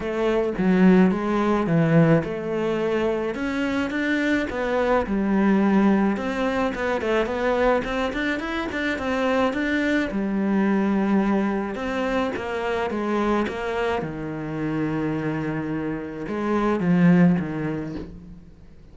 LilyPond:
\new Staff \with { instrumentName = "cello" } { \time 4/4 \tempo 4 = 107 a4 fis4 gis4 e4 | a2 cis'4 d'4 | b4 g2 c'4 | b8 a8 b4 c'8 d'8 e'8 d'8 |
c'4 d'4 g2~ | g4 c'4 ais4 gis4 | ais4 dis2.~ | dis4 gis4 f4 dis4 | }